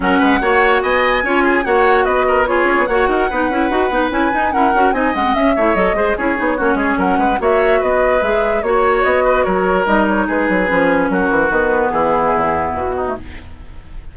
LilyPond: <<
  \new Staff \with { instrumentName = "flute" } { \time 4/4 \tempo 4 = 146 fis''2 gis''2 | fis''4 dis''4 cis''4 fis''4~ | fis''2 gis''4 fis''4 | gis''8 fis''8 e''4 dis''4 cis''4~ |
cis''4 fis''4 e''4 dis''4 | e''4 cis''4 dis''4 cis''4 | dis''8 cis''8 b'2 ais'4 | b'4 gis'2 fis'4 | }
  \new Staff \with { instrumentName = "oboe" } { \time 4/4 ais'8 b'8 cis''4 dis''4 cis''8 gis'8 | cis''4 b'8 ais'8 gis'4 cis''8 ais'8 | b'2. ais'4 | dis''4. cis''4 c''8 gis'4 |
fis'8 gis'8 ais'8 b'8 cis''4 b'4~ | b'4 cis''4. b'8 ais'4~ | ais'4 gis'2 fis'4~ | fis'4 e'2~ e'8 dis'8 | }
  \new Staff \with { instrumentName = "clarinet" } { \time 4/4 cis'4 fis'2 f'4 | fis'2 f'4 fis'4 | dis'8 e'8 fis'8 dis'8 e'8 dis'8 cis'8 fis'8 | dis'8 cis'16 c'16 cis'8 e'8 a'8 gis'8 e'8 dis'8 |
cis'2 fis'2 | gis'4 fis'2. | dis'2 cis'2 | b2.~ b8. a16 | }
  \new Staff \with { instrumentName = "bassoon" } { \time 4/4 fis8 gis8 ais4 b4 cis'4 | ais4 b4. cis'16 b16 ais8 dis'8 | b8 cis'8 dis'8 b8 cis'8 dis'8 e'8 cis'8 | c'8 gis8 cis'8 a8 fis8 gis8 cis'8 b8 |
ais8 gis8 fis8 gis8 ais4 b4 | gis4 ais4 b4 fis4 | g4 gis8 fis8 f4 fis8 e8 | dis4 e4 e,4 b,4 | }
>>